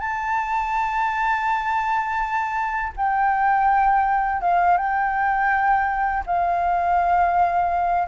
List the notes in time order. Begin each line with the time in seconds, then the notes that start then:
0.00 A5
2.97 G5
4.42 F5
4.78 G5
6.27 F5